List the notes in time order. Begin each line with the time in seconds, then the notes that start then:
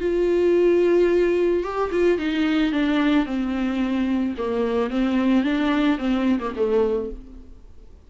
0.00 F4
1.63 G4
1.91 F4
2.18 D#4
2.72 D4
3.26 C4
4.38 A#3
4.90 C4
5.44 D4
5.98 C4
6.39 A#3
6.56 A3